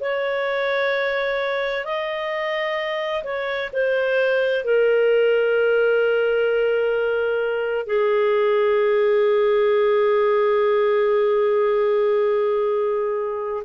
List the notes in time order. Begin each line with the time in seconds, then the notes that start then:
0.00 C#5
1.85 D#5
3.23 C#5
3.73 C5
4.64 A#4
7.86 G#4